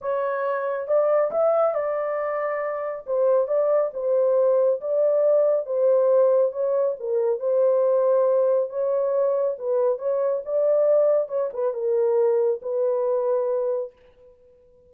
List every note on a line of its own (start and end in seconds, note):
0.01 0.87 C#5
0.87 1.30 D5
1.31 1.74 E5
1.74 3.05 D5
3.06 3.47 C5
3.47 3.91 D5
3.93 4.80 C5
4.80 5.66 D5
5.66 6.52 C5
6.52 6.95 C#5
6.99 7.39 A#4
7.39 8.69 C5
8.69 9.56 C#5
9.58 9.98 B4
9.98 10.42 C#5
10.45 11.28 D5
11.28 11.50 C#5
11.53 11.73 B4
11.73 12.60 A#4
12.61 13.92 B4